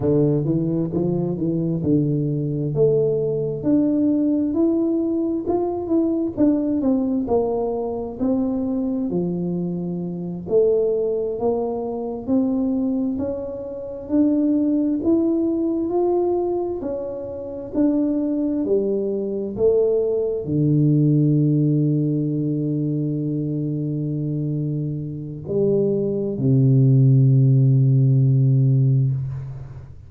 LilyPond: \new Staff \with { instrumentName = "tuba" } { \time 4/4 \tempo 4 = 66 d8 e8 f8 e8 d4 a4 | d'4 e'4 f'8 e'8 d'8 c'8 | ais4 c'4 f4. a8~ | a8 ais4 c'4 cis'4 d'8~ |
d'8 e'4 f'4 cis'4 d'8~ | d'8 g4 a4 d4.~ | d1 | g4 c2. | }